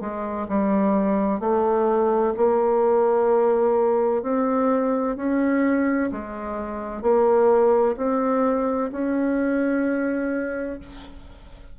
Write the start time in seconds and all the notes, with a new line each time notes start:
0.00 G#3
0.48 G3
1.40 A3
2.37 A#3
4.22 C4
5.16 C#4
6.11 G#3
7.02 A#3
7.96 C4
8.91 C#4